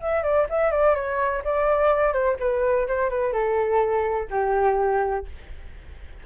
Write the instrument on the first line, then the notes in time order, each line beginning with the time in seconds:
flute
0.00 E5
0.23 D5
0.49 E5
0.71 D5
0.95 C#5
1.44 D5
2.12 C5
2.39 B4
2.87 C5
3.09 B4
3.32 A4
4.30 G4